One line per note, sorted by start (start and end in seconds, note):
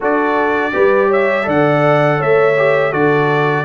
0.00 0.74 D4
0.00 0.72 F#4
0.00 0.72 A4
0.00 1.12 D5
0.72 1.46 G3
0.72 1.43 G4
0.72 1.08 B4
1.08 1.44 C#5
1.08 1.48 E5
1.43 2.20 D3
1.43 2.53 A4
1.43 2.18 D5
1.43 2.21 F#5
2.18 2.93 A3
2.18 2.91 C#5
2.18 2.93 E5
2.57 2.92 G4
2.91 3.65 D3
2.91 3.65 F#4
2.91 3.64 A4
2.91 3.65 D5